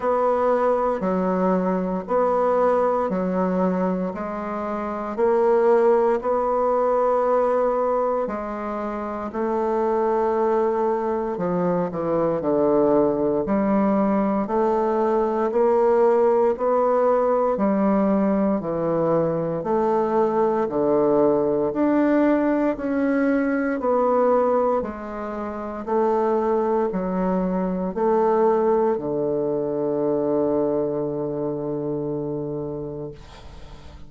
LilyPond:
\new Staff \with { instrumentName = "bassoon" } { \time 4/4 \tempo 4 = 58 b4 fis4 b4 fis4 | gis4 ais4 b2 | gis4 a2 f8 e8 | d4 g4 a4 ais4 |
b4 g4 e4 a4 | d4 d'4 cis'4 b4 | gis4 a4 fis4 a4 | d1 | }